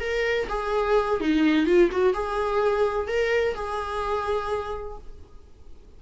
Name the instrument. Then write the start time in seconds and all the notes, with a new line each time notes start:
viola
0.00 A#4
0.49 G#4
1.20 D#4
1.66 F4
1.91 F#4
2.14 G#4
3.07 A#4
3.55 G#4